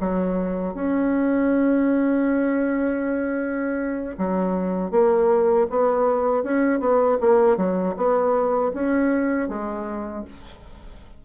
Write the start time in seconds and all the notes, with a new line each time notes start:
0.00 F#3
0.75 C#4
4.18 F#3
4.91 A#3
5.70 B3
6.44 C#4
6.80 B3
7.20 A#3
7.57 F#3
7.96 B3
8.74 C#4
9.49 G#3